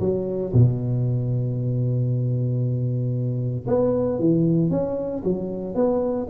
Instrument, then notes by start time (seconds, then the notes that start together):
tuba
0.00 F#3
0.53 B2
3.67 B3
4.19 E3
4.71 C#4
5.24 F#3
5.75 B3